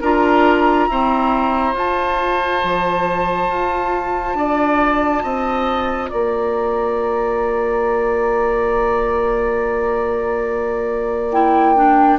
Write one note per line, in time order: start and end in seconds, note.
0.00 0.87 D4
0.00 0.90 F4
0.00 0.87 A#4
0.00 1.75 A#5
0.87 1.73 C4
0.87 1.74 E4
0.87 4.37 C5
1.73 11.30 F4
1.73 2.61 F4
1.73 6.07 A5
2.63 3.49 F3
3.49 4.34 F4
4.34 5.21 D4
4.34 5.23 D5
5.23 6.10 C4
5.23 6.09 D#5
6.07 12.18 A#3
6.07 12.18 D5
6.07 11.29 A#5
11.31 11.75 E4
11.31 12.18 G5
11.75 12.18 D4